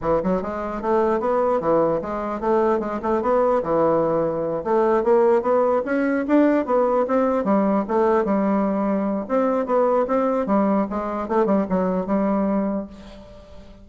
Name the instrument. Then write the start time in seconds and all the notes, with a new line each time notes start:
bassoon
0.01 E3
0.23 F#3
0.42 G#3
0.81 A3
1.20 B3
1.60 E3
2.01 G#3
2.40 A3
2.79 G#3
3.02 A3
3.22 B3
3.63 E3
4.63 A3
5.03 A#3
5.41 B3
5.85 C#4
6.27 D4
6.65 B3
7.07 C4
7.44 G3
7.88 A3
8.25 G3
9.28 C4
9.66 B3
10.07 C4
10.46 G3
10.90 G#3
11.28 A3
11.46 G3
11.69 F#3
12.06 G3